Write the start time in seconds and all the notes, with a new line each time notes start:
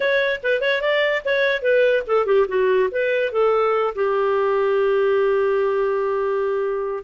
0.00 C#5
0.43 B4
0.61 C#5
0.81 D5
1.24 C#5
1.61 B4
2.06 A4
2.26 G4
2.48 F#4
2.91 B4
3.32 A4
3.95 G4